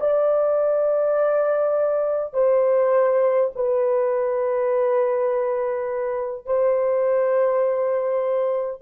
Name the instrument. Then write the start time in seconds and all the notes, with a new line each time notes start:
horn
0.00 D5
2.33 C5
3.56 B4
6.46 C5